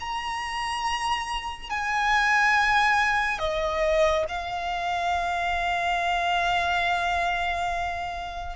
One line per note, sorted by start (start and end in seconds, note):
0.00 1.70 A#5
1.70 3.39 G#5
3.39 4.25 D#5
4.29 8.56 F5